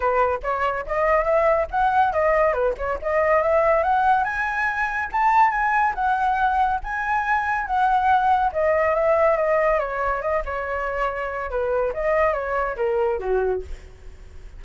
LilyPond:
\new Staff \with { instrumentName = "flute" } { \time 4/4 \tempo 4 = 141 b'4 cis''4 dis''4 e''4 | fis''4 dis''4 b'8 cis''8 dis''4 | e''4 fis''4 gis''2 | a''4 gis''4 fis''2 |
gis''2 fis''2 | dis''4 e''4 dis''4 cis''4 | dis''8 cis''2~ cis''8 b'4 | dis''4 cis''4 ais'4 fis'4 | }